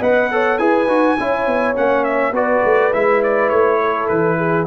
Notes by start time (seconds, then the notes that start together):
0.00 B3 B4 D#5 F#5
0.32 A4 C#5
0.59 E4 G#4 B4 G#5
0.88 D#4 F#4
1.20 C#4 E4 C#5
1.47 B3
1.75 A#3 C#4 F#5
2.04 E5
2.32 B3 F#4 B4 D5
2.65 A3
2.94 G#3 E4 E5
3.24 D5
3.50 A3 C#5
3.81 A4
4.08 E3 B4
4.38 G#4